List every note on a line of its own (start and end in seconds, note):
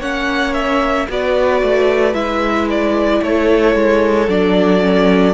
0.00 1.07 A#3
0.00 1.08 C#4
0.00 1.07 C#5
0.00 0.53 F#5
0.53 1.07 E5
1.08 1.62 B3
1.08 2.13 F#4
1.08 3.23 B4
1.08 2.14 D5
1.62 2.14 A3
2.13 3.21 G#3
2.13 4.28 E4
2.13 2.67 E5
2.70 3.23 D5
3.22 3.75 A3
3.22 5.33 A4
3.22 4.29 C#5
3.75 4.28 G#3
4.28 5.33 F#3
4.28 4.81 D4
4.28 5.33 D5
4.81 5.33 C#4